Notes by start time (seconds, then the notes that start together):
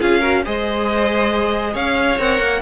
0.00 C#4 F4 G#4 F5
0.20 F#4 A#4
0.45 G#3 G#4 C5 D#5
1.73 C#4 C#5 F5
2.18 C4 A#4 F#5
2.39 A#3